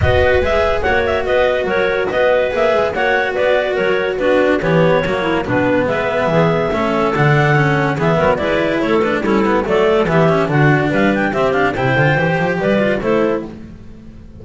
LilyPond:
<<
  \new Staff \with { instrumentName = "clarinet" } { \time 4/4 \tempo 4 = 143 dis''4 e''4 fis''8 e''8 dis''4 | cis''4 dis''4 e''4 fis''4 | d''4 cis''4 b'4 cis''4~ | cis''4 b'4 e''2~ |
e''4 fis''2 e''4 | d''4 cis''8 b'8 a'4 d''4 | e''4 fis''4 f''8 g''8 e''8 f''8 | g''2 d''4 c''4 | }
  \new Staff \with { instrumentName = "clarinet" } { \time 4/4 b'2 cis''4 b'4 | ais'4 b'2 cis''4 | b'4 ais'4 fis'4 g'4 | fis'8 e'8 d'4 b'4 gis'4 |
a'2. gis'8 ais'8 | b'4 a'4 e'4 a'4 | g'4 fis'4 b'4 g'4 | c''2 b'4 a'4 | }
  \new Staff \with { instrumentName = "cello" } { \time 4/4 fis'4 gis'4 fis'2~ | fis'2 gis'4 fis'4~ | fis'2 d'4 b4 | ais4 b2. |
cis'4 d'4 cis'4 b4 | e'4. d'8 cis'8 b8 a4 | b8 cis'8 d'2 c'8 d'8 | e'8 f'8 g'4. f'8 e'4 | }
  \new Staff \with { instrumentName = "double bass" } { \time 4/4 b4 gis4 ais4 b4 | fis4 b4 ais8 gis8 ais4 | b4 fis4 b4 e4 | fis4 b,4 gis4 e4 |
a4 d2 e8 fis8 | gis4 a4 g4 fis4 | e4 d4 g4 c'4 | c8 d8 e8 f8 g4 a4 | }
>>